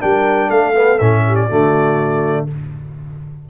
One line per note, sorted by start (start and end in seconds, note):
0.00 0.49 G3
0.00 0.74 D4
0.00 0.50 A#4
0.00 0.50 G5
0.49 0.98 A3
0.49 1.24 A4
0.49 0.99 F5
0.75 0.99 B3
0.99 1.49 A2
0.99 1.49 C#4
0.99 1.35 E5
1.27 1.47 G4
1.35 2.46 D5
1.47 2.49 D3
1.47 2.48 A3
1.47 2.45 F#4